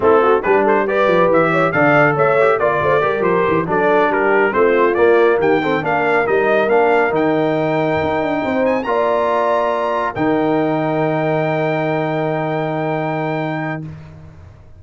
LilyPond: <<
  \new Staff \with { instrumentName = "trumpet" } { \time 4/4 \tempo 4 = 139 a'4 b'8 c''8 d''4 e''4 | f''4 e''4 d''4. c''8~ | c''8 d''4 ais'4 c''4 d''8~ | d''8 g''4 f''4 dis''4 f''8~ |
f''8 g''2.~ g''8 | gis''8 ais''2. g''8~ | g''1~ | g''1 | }
  \new Staff \with { instrumentName = "horn" } { \time 4/4 e'8 fis'8 g'8 a'8 b'4. cis''8 | d''4 cis''4 d''8 c''8 ais'4~ | ais'8 a'4 g'4 f'4.~ | f'8 g'8 a'8 ais'2~ ais'8~ |
ais'2.~ ais'8 c''8~ | c''8 d''2. ais'8~ | ais'1~ | ais'1 | }
  \new Staff \with { instrumentName = "trombone" } { \time 4/4 c'4 d'4 g'2 | a'4. g'8 f'4 g'4~ | g'8 d'2 c'4 ais8~ | ais4 c'8 d'4 dis'4 d'8~ |
d'8 dis'2.~ dis'8~ | dis'8 f'2. dis'8~ | dis'1~ | dis'1 | }
  \new Staff \with { instrumentName = "tuba" } { \time 4/4 a4 g4. f8 e4 | d4 a4 ais8 a8 g8 f8 | e8 fis4 g4 a4 ais8~ | ais8 dis4 ais4 g4 ais8~ |
ais8 dis2 dis'8 d'8 c'8~ | c'8 ais2. dis8~ | dis1~ | dis1 | }
>>